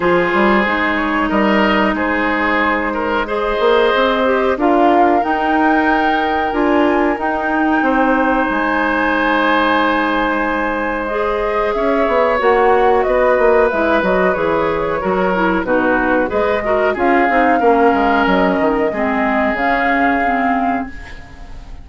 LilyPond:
<<
  \new Staff \with { instrumentName = "flute" } { \time 4/4 \tempo 4 = 92 c''4. cis''8 dis''4 c''4~ | c''4 dis''2 f''4 | g''2 gis''4 g''4~ | g''4 gis''2.~ |
gis''4 dis''4 e''4 fis''4 | dis''4 e''8 dis''8 cis''2 | b'4 dis''4 f''2 | dis''2 f''2 | }
  \new Staff \with { instrumentName = "oboe" } { \time 4/4 gis'2 ais'4 gis'4~ | gis'8 ais'8 c''2 ais'4~ | ais'1 | c''1~ |
c''2 cis''2 | b'2. ais'4 | fis'4 b'8 ais'8 gis'4 ais'4~ | ais'4 gis'2. | }
  \new Staff \with { instrumentName = "clarinet" } { \time 4/4 f'4 dis'2.~ | dis'4 gis'4. g'8 f'4 | dis'2 f'4 dis'4~ | dis'1~ |
dis'4 gis'2 fis'4~ | fis'4 e'8 fis'8 gis'4 fis'8 e'8 | dis'4 gis'8 fis'8 f'8 dis'8 cis'4~ | cis'4 c'4 cis'4 c'4 | }
  \new Staff \with { instrumentName = "bassoon" } { \time 4/4 f8 g8 gis4 g4 gis4~ | gis4. ais8 c'4 d'4 | dis'2 d'4 dis'4 | c'4 gis2.~ |
gis2 cis'8 b8 ais4 | b8 ais8 gis8 fis8 e4 fis4 | b,4 gis4 cis'8 c'8 ais8 gis8 | fis8 dis8 gis4 cis2 | }
>>